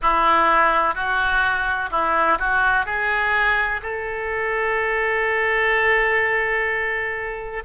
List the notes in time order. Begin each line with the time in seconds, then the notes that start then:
0.02 E4
0.94 F#4
1.90 E4
2.39 F#4
2.85 G#4
3.82 A4